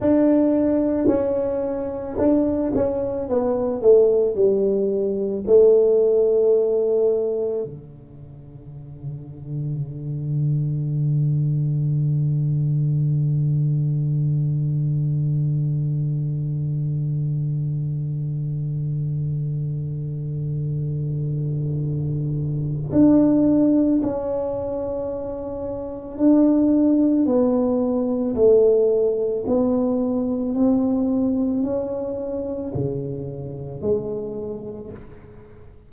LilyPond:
\new Staff \with { instrumentName = "tuba" } { \time 4/4 \tempo 4 = 55 d'4 cis'4 d'8 cis'8 b8 a8 | g4 a2 d4~ | d1~ | d1~ |
d1~ | d4 d'4 cis'2 | d'4 b4 a4 b4 | c'4 cis'4 cis4 gis4 | }